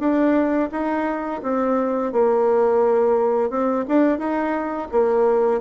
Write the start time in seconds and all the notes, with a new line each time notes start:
0.00 D4
0.72 D#4
1.43 C4
2.13 A#3
3.50 C4
3.88 D4
4.19 D#4
4.92 A#3